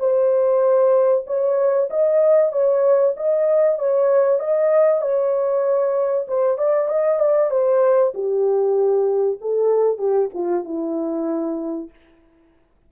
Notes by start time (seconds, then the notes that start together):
0.00 C5
1.27 C#5
1.90 D#5
2.53 C#5
3.17 D#5
3.79 C#5
4.40 D#5
5.02 C#5
6.28 C5
6.58 D5
6.89 D#5
7.20 D5
7.51 C5
8.14 G4
9.41 A4
9.98 G4
10.34 F4
10.65 E4